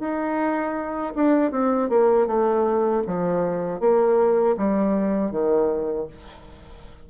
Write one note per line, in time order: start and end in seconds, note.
0.00 1.14 D#4
1.16 1.52 D4
1.52 1.90 C4
1.90 2.27 A#3
2.27 3.03 A3
3.08 3.81 F3
3.81 4.57 A#3
4.58 5.32 G3
5.32 6.08 D#3